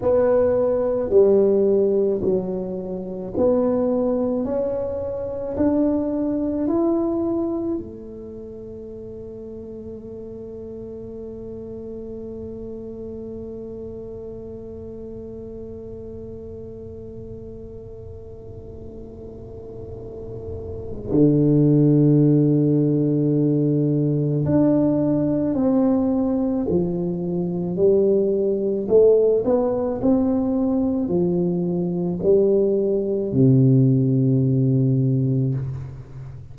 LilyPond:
\new Staff \with { instrumentName = "tuba" } { \time 4/4 \tempo 4 = 54 b4 g4 fis4 b4 | cis'4 d'4 e'4 a4~ | a1~ | a1~ |
a2. d4~ | d2 d'4 c'4 | f4 g4 a8 b8 c'4 | f4 g4 c2 | }